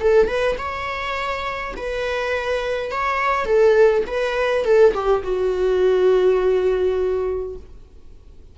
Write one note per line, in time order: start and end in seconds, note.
0.00 0.28 A4
0.28 0.57 B4
0.58 1.75 C#5
1.77 2.91 B4
2.91 3.46 C#5
3.46 4.04 A4
4.07 4.65 B4
4.65 4.94 A4
4.94 5.23 G4
5.23 7.56 F#4